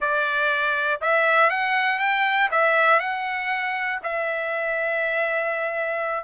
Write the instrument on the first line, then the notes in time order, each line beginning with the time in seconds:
trumpet
0.00 D5
1.01 E5
1.50 F#5
1.99 G5
2.51 E5
2.99 F#5
4.02 E5